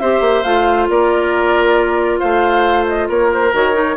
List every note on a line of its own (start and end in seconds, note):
0.00 0.20 C4
0.00 0.44 G4
0.00 0.89 C5
0.00 0.43 E5
0.20 0.42 A#3
0.43 0.89 A3
0.43 3.53 F4
0.43 0.87 F5
0.89 2.21 A#3
0.89 2.19 A#4
0.89 2.19 D5
2.19 3.09 A3
2.19 3.08 C5
2.19 2.85 F5
2.87 3.09 D#5
3.08 3.53 A#3
3.08 3.96 A#4
3.08 3.32 C#5
3.32 3.54 C5
3.53 3.96 D#3
3.53 3.73 F#4
3.53 3.96 C#5
3.73 3.95 D#4